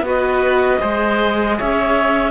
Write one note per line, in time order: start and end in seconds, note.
0.00 0.77 B3
0.00 0.79 F#4
0.00 0.80 B4
0.07 1.59 D#5
0.79 1.59 G#3
0.79 2.31 G#4
0.79 1.57 C5
1.57 2.31 C#4
1.57 2.31 C#5
1.57 2.31 E5